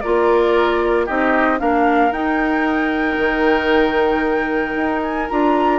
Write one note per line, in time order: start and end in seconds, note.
0.00 1.09 A#3
0.00 1.08 F4
0.00 1.06 A#4
0.00 1.05 D5
1.06 1.61 C4
1.06 1.58 D#4
1.06 1.59 G4
1.06 1.59 D#5
1.58 2.11 A#3
1.58 2.11 D4
1.58 5.79 A#4
1.58 2.12 F5
2.11 3.16 D#4
2.11 5.30 D#4
2.11 5.02 G5
3.17 4.75 D#3
4.76 5.29 D#4
5.02 5.28 G#5
5.29 5.79 D4
5.29 5.79 F4
5.29 5.79 A#5